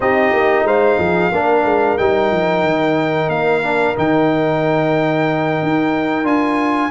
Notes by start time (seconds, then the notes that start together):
0.00 C4 D#4 G4 D#5
0.32 A#3
0.63 G#3 C5 F5
0.98 F3 G#4
1.31 A#3 D4 A#4
1.65 G#3
1.97 G3 D#4 G5
2.31 F3
2.63 D#3
3.28 A#3 F5
3.62 D4
3.95 D#3 D#4 G5
5.62 D#4
6.23 D4 F4 G#5